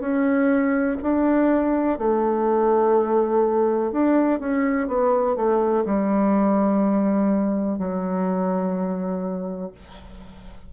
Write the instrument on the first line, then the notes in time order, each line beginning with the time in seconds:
bassoon
0.00 C#4
1.02 D4
1.99 A3
3.92 D4
4.40 C#4
4.87 B3
5.36 A3
5.85 G3
7.78 F#3